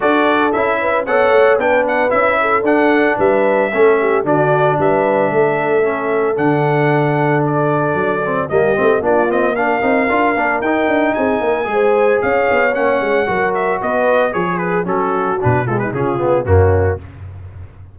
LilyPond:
<<
  \new Staff \with { instrumentName = "trumpet" } { \time 4/4 \tempo 4 = 113 d''4 e''4 fis''4 g''8 fis''8 | e''4 fis''4 e''2 | d''4 e''2. | fis''2 d''2 |
dis''4 d''8 dis''8 f''2 | g''4 gis''2 f''4 | fis''4. e''8 dis''4 cis''8 b'8 | a'4 b'8 a'16 b'16 gis'4 fis'4 | }
  \new Staff \with { instrumentName = "horn" } { \time 4/4 a'4. b'8 cis''4 b'4~ | b'8 a'4. b'4 a'8 g'8 | fis'4 b'4 a'2~ | a'1 |
g'4 f'4 ais'2~ | ais'4 gis'8 ais'8 c''4 cis''4~ | cis''4 ais'4 b'4 gis'4 | fis'4. f'16 dis'16 f'4 cis'4 | }
  \new Staff \with { instrumentName = "trombone" } { \time 4/4 fis'4 e'4 a'4 d'4 | e'4 d'2 cis'4 | d'2. cis'4 | d'2.~ d'8 c'8 |
ais8 c'8 d'8 c'8 d'8 dis'8 f'8 d'8 | dis'2 gis'2 | cis'4 fis'2 gis'4 | cis'4 d'8 gis8 cis'8 b8 ais4 | }
  \new Staff \with { instrumentName = "tuba" } { \time 4/4 d'4 cis'4 b8 a8 b4 | cis'4 d'4 g4 a4 | d4 g4 a2 | d2. fis4 |
g8 a8 ais4. c'8 d'8 ais8 | dis'8 d'8 c'8 ais8 gis4 cis'8 b8 | ais8 gis8 fis4 b4 f4 | fis4 b,4 cis4 fis,4 | }
>>